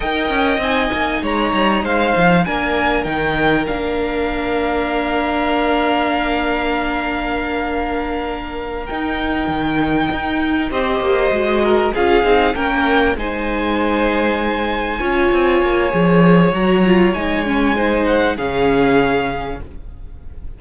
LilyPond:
<<
  \new Staff \with { instrumentName = "violin" } { \time 4/4 \tempo 4 = 98 g''4 gis''4 ais''4 f''4 | gis''4 g''4 f''2~ | f''1~ | f''2~ f''8 g''4.~ |
g''4. dis''2 f''8~ | f''8 g''4 gis''2~ gis''8~ | gis''2. ais''4 | gis''4. fis''8 f''2 | }
  \new Staff \with { instrumentName = "violin" } { \time 4/4 dis''2 cis''4 c''4 | ais'1~ | ais'1~ | ais'1~ |
ais'4. c''4. ais'8 gis'8~ | gis'8 ais'4 c''2~ c''8~ | c''8 cis''2.~ cis''8~ | cis''4 c''4 gis'2 | }
  \new Staff \with { instrumentName = "viola" } { \time 4/4 ais'4 dis'2. | d'4 dis'4 d'2~ | d'1~ | d'2~ d'8 dis'4.~ |
dis'4. g'4 fis'4 f'8 | dis'8 cis'4 dis'2~ dis'8~ | dis'8 f'4. gis'4 fis'8 f'8 | dis'8 cis'8 dis'4 cis'2 | }
  \new Staff \with { instrumentName = "cello" } { \time 4/4 dis'8 cis'8 c'8 ais8 gis8 g8 gis8 f8 | ais4 dis4 ais2~ | ais1~ | ais2~ ais8 dis'4 dis8~ |
dis8 dis'4 c'8 ais8 gis4 cis'8 | c'8 ais4 gis2~ gis8~ | gis8 cis'8 c'8 ais8 f4 fis4 | gis2 cis2 | }
>>